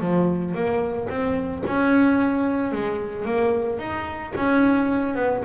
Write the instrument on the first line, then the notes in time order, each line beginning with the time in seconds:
double bass
0.00 F3
0.54 A#3
1.09 C4
1.66 C#4
2.72 G#3
3.25 A#3
3.79 D#4
4.35 C#4
5.15 B3